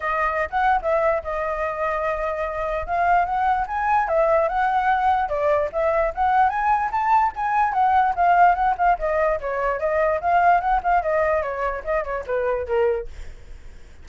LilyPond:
\new Staff \with { instrumentName = "flute" } { \time 4/4 \tempo 4 = 147 dis''4~ dis''16 fis''8. e''4 dis''4~ | dis''2. f''4 | fis''4 gis''4 e''4 fis''4~ | fis''4 d''4 e''4 fis''4 |
gis''4 a''4 gis''4 fis''4 | f''4 fis''8 f''8 dis''4 cis''4 | dis''4 f''4 fis''8 f''8 dis''4 | cis''4 dis''8 cis''8 b'4 ais'4 | }